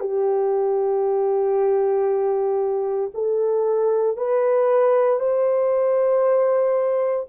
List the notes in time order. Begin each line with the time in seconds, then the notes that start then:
0.00 G4
3.14 A4
4.17 B4
5.20 C5